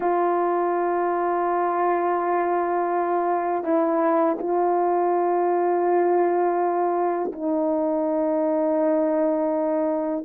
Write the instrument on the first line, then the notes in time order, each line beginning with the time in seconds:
horn
0.00 F4
3.64 E4
4.38 F4
7.32 D#4